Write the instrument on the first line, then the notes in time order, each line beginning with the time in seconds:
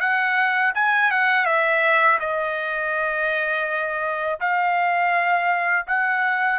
trumpet
0.00 F#5
0.75 G#5
1.11 F#5
1.45 E5
2.20 D#5
4.40 F5
5.87 F#5